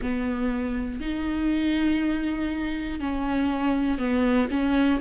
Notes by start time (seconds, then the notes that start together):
0.01 B3
1.00 D#4
3.00 C#4
3.98 B3
4.50 C#4